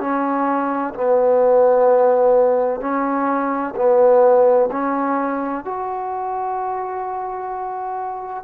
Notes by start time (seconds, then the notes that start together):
0.00 C#4
0.95 B3
2.81 C#4
3.76 B3
4.72 C#4
5.65 F#4